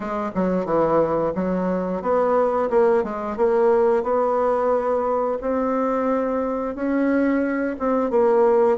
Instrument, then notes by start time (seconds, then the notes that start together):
bassoon
0.00 G#3
0.34 F#3
0.65 E3
1.35 F#3
2.01 B3
2.70 A#3
3.03 G#3
3.36 A#3
4.03 B3
5.41 C4
6.75 C#4
7.79 C4
8.10 A#3